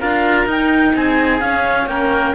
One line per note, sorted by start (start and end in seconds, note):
0.00 0.46 D4
0.00 0.47 F4
0.00 0.94 A#4
0.00 0.48 F5
0.46 0.93 D#4
0.46 1.41 D#4
0.46 0.97 G5
0.96 1.42 C4
0.96 1.90 G#4
0.96 1.41 G#5
1.41 1.87 C#4
1.41 2.35 C#4
1.41 1.88 F5
1.87 2.34 A#3
1.87 2.35 A#4
1.87 2.35 G5